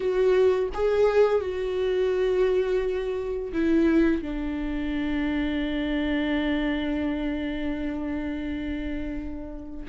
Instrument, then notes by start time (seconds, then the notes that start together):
viola
0.00 F#4
0.73 G#4
1.40 F#4
3.52 E4
4.22 D4